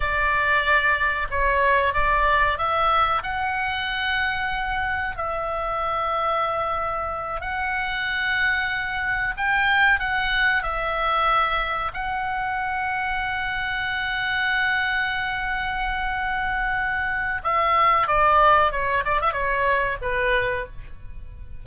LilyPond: \new Staff \with { instrumentName = "oboe" } { \time 4/4 \tempo 4 = 93 d''2 cis''4 d''4 | e''4 fis''2. | e''2.~ e''8 fis''8~ | fis''2~ fis''8 g''4 fis''8~ |
fis''8 e''2 fis''4.~ | fis''1~ | fis''2. e''4 | d''4 cis''8 d''16 e''16 cis''4 b'4 | }